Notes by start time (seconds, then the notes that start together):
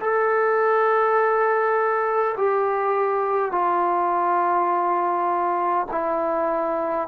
0.00 A4
2.37 G4
3.51 F4
5.91 E4